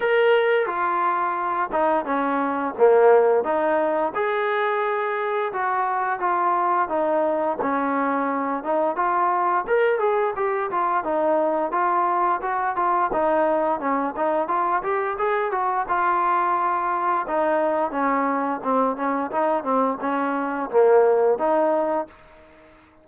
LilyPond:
\new Staff \with { instrumentName = "trombone" } { \time 4/4 \tempo 4 = 87 ais'4 f'4. dis'8 cis'4 | ais4 dis'4 gis'2 | fis'4 f'4 dis'4 cis'4~ | cis'8 dis'8 f'4 ais'8 gis'8 g'8 f'8 |
dis'4 f'4 fis'8 f'8 dis'4 | cis'8 dis'8 f'8 g'8 gis'8 fis'8 f'4~ | f'4 dis'4 cis'4 c'8 cis'8 | dis'8 c'8 cis'4 ais4 dis'4 | }